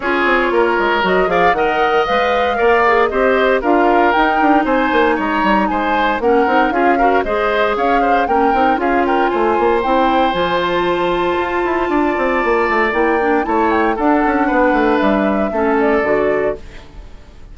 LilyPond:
<<
  \new Staff \with { instrumentName = "flute" } { \time 4/4 \tempo 4 = 116 cis''2 dis''8 f''8 fis''4 | f''2 dis''4 f''4 | g''4 gis''4 ais''4 gis''4 | fis''4 f''4 dis''4 f''4 |
g''4 f''8 g''8 gis''4 g''4 | gis''8 a''2.~ a''8~ | a''4 g''4 a''8 g''8 fis''4~ | fis''4 e''4. d''4. | }
  \new Staff \with { instrumentName = "oboe" } { \time 4/4 gis'4 ais'4. d''8 dis''4~ | dis''4 d''4 c''4 ais'4~ | ais'4 c''4 cis''4 c''4 | ais'4 gis'8 ais'8 c''4 cis''8 c''8 |
ais'4 gis'8 ais'8 c''2~ | c''2. d''4~ | d''2 cis''4 a'4 | b'2 a'2 | }
  \new Staff \with { instrumentName = "clarinet" } { \time 4/4 f'2 fis'8 gis'8 ais'4 | b'4 ais'8 gis'8 g'4 f'4 | dis'1 | cis'8 dis'8 f'8 fis'8 gis'2 |
cis'8 dis'8 f'2 e'4 | f'1~ | f'4 e'8 d'8 e'4 d'4~ | d'2 cis'4 fis'4 | }
  \new Staff \with { instrumentName = "bassoon" } { \time 4/4 cis'8 c'8 ais8 gis8 fis8 f8 dis4 | gis4 ais4 c'4 d'4 | dis'8 d'8 c'8 ais8 gis8 g8 gis4 | ais8 c'8 cis'4 gis4 cis'4 |
ais8 c'8 cis'4 a8 ais8 c'4 | f2 f'8 e'8 d'8 c'8 | ais8 a8 ais4 a4 d'8 cis'8 | b8 a8 g4 a4 d4 | }
>>